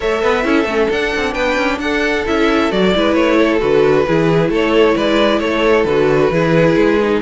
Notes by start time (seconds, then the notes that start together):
0.00 A3 A4 C#5 E5
0.22 B3 B4
0.43 C#4 E4 A4
0.64 A3 C#4
0.90 D4 F#5
1.15 C4
1.32 B3 B4 G5
1.57 C#4
1.79 D4 A4 F#5
2.26 C#4 E4 E5
2.71 F#3 F#4 D5
2.95 G#3 E4 B4
3.14 A3 C#5
3.38 A4
3.60 D3 F#4 B4
4.07 E3 E4 G#4
4.49 A3 A4 C#5
4.95 G#3 B4 D5
5.39 A3 A4 C#5
5.84 D3 F#4 B4
6.30 E3 E4 G#4
6.76 G#3
7.02 D#4